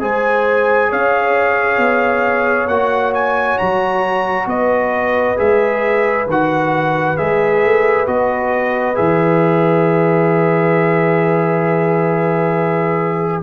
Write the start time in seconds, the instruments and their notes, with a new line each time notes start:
0.00 tuba G#3, trombone G#4, horn C5, trumpet G#5
0.90 tuba C#4, horn C#5, trumpet F5
1.78 tuba B3
2.68 tuba A#3, trombone F#4, trumpet F#5
3.15 trumpet G#5
3.58 tuba F#3, trumpet A#5
4.47 tuba B3, horn B4, trumpet D#5
5.37 tuba G#3, trombone G#4, trumpet E5
6.26 tuba D#3, trombone F#4, trumpet F#5
7.17 tuba G#3, trombone G#4, trumpet E5
7.65 tuba A3
8.07 tuba B3, trombone F#4, trumpet D#5
8.95 tuba E3, trombone G#4, trumpet E5